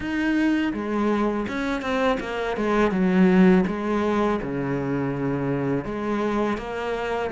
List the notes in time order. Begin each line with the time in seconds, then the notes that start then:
0.00 D#4
0.73 G#3
1.48 C#4
1.81 C4
2.20 A#3
2.56 G#3
2.91 F#3
3.67 G#3
4.41 C#3
5.84 G#3
6.57 A#3